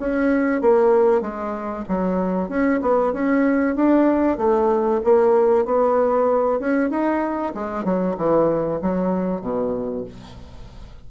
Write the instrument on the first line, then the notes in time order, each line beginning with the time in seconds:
bassoon
0.00 C#4
0.61 A#3
1.21 G#3
1.89 F#3
2.49 C#4
2.82 B3
3.13 C#4
3.76 D4
4.38 A3
5.04 A#3
5.66 B3
6.60 C#4
6.90 D#4
7.55 G#3
7.85 F#3
8.18 E3
8.82 F#3
9.42 B2